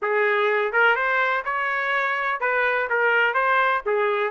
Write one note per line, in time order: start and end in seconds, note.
0.02 0.72 G#4
0.72 0.95 A#4
0.95 1.43 C5
1.44 2.40 C#5
2.40 2.88 B4
2.89 3.34 A#4
3.34 3.82 C5
3.86 4.30 G#4